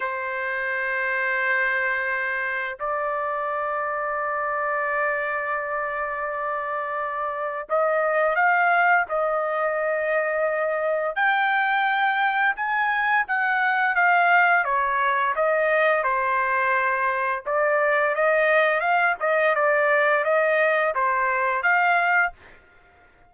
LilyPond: \new Staff \with { instrumentName = "trumpet" } { \time 4/4 \tempo 4 = 86 c''1 | d''1~ | d''2. dis''4 | f''4 dis''2. |
g''2 gis''4 fis''4 | f''4 cis''4 dis''4 c''4~ | c''4 d''4 dis''4 f''8 dis''8 | d''4 dis''4 c''4 f''4 | }